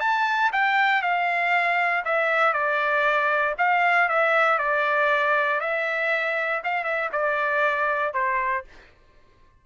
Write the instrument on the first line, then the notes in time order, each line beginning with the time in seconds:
trumpet
0.00 A5
0.52 G5
1.02 F5
2.05 E5
2.53 D5
3.58 F5
4.09 E5
4.59 D5
5.60 E5
6.64 F5
6.84 E5
7.12 D5
8.14 C5